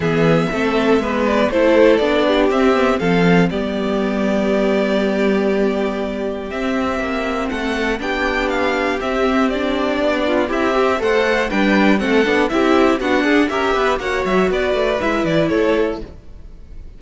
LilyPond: <<
  \new Staff \with { instrumentName = "violin" } { \time 4/4 \tempo 4 = 120 e''2~ e''8 d''8 c''4 | d''4 e''4 f''4 d''4~ | d''1~ | d''4 e''2 fis''4 |
g''4 f''4 e''4 d''4~ | d''4 e''4 fis''4 g''4 | fis''4 e''4 fis''4 e''4 | fis''8 e''8 d''4 e''8 d''8 cis''4 | }
  \new Staff \with { instrumentName = "violin" } { \time 4/4 gis'4 a'4 b'4 a'4~ | a'8 g'4. a'4 g'4~ | g'1~ | g'2. a'4 |
g'1~ | g'8 f'8 e'8 g'8 c''4 b'4 | a'4 g'4 fis'8 gis'8 ais'8 b'8 | cis''4 b'2 a'4 | }
  \new Staff \with { instrumentName = "viola" } { \time 4/4 b4 c'4 b4 e'4 | d'4 c'8 b8 c'4 b4~ | b1~ | b4 c'2. |
d'2 c'4 d'4~ | d'4 g'4 a'4 d'4 | c'8 d'8 e'4 d'4 g'4 | fis'2 e'2 | }
  \new Staff \with { instrumentName = "cello" } { \time 4/4 e4 a4 gis4 a4 | b4 c'4 f4 g4~ | g1~ | g4 c'4 ais4 a4 |
b2 c'2 | b4 c'4 a4 g4 | a8 b8 c'4 b8 d'8 cis'8 b8 | ais8 fis8 b8 a8 gis8 e8 a4 | }
>>